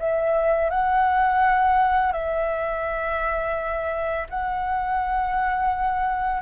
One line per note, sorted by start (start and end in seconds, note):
0.00 0.71 E5
0.71 2.13 F#5
2.13 4.27 E5
4.30 6.42 F#5